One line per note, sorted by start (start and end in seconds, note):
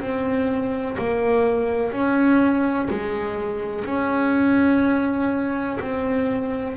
0.00 0.97 C4
0.98 1.92 A#3
1.92 2.89 C#4
2.89 3.85 G#3
3.85 5.78 C#4
5.80 6.77 C4